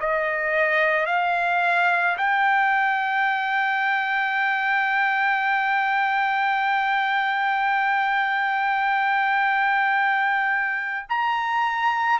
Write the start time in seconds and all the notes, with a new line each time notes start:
0.00 D#5
1.07 F5
2.18 G5
11.10 A#5